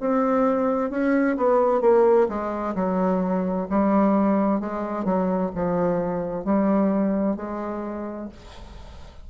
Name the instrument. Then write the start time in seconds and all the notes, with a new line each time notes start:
bassoon
0.00 C4
0.90 C#4
1.37 B3
1.81 A#3
2.28 G#3
2.75 F#3
3.70 G3
4.60 G#3
5.04 F#3
5.55 F3
6.44 G3
7.36 G#3